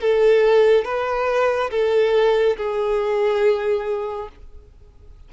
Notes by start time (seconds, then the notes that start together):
0.00 A4
0.85 B4
1.71 A4
2.57 G#4